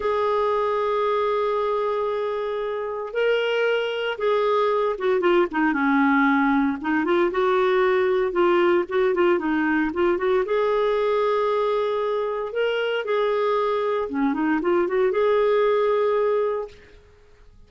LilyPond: \new Staff \with { instrumentName = "clarinet" } { \time 4/4 \tempo 4 = 115 gis'1~ | gis'2 ais'2 | gis'4. fis'8 f'8 dis'8 cis'4~ | cis'4 dis'8 f'8 fis'2 |
f'4 fis'8 f'8 dis'4 f'8 fis'8 | gis'1 | ais'4 gis'2 cis'8 dis'8 | f'8 fis'8 gis'2. | }